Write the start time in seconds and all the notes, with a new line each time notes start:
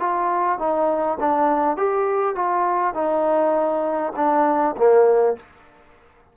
0.00 F4
0.59 D#4
1.21 D4
1.77 G4
2.36 F4
2.95 D#4
4.17 D4
4.77 A#3